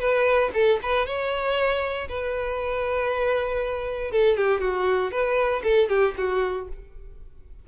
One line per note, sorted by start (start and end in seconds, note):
0.00 0.51 B4
0.54 0.80 A4
0.83 1.07 B4
1.07 2.08 C#5
2.09 4.12 B4
4.12 4.37 A4
4.37 4.61 G4
4.61 5.11 F#4
5.11 5.62 B4
5.64 5.89 A4
5.89 6.15 G4
6.18 6.68 F#4